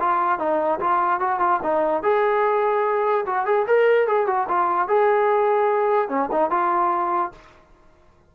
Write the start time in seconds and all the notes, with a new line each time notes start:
0.00 F4
0.39 D#4
0.80 F4
1.20 F#4
1.40 F4
1.63 D#4
2.03 G#4
3.26 F#4
3.46 G#4
3.67 A#4
4.07 G#4
4.27 F#4
4.48 F4
4.88 G#4
6.09 C#4
6.32 D#4
6.51 F4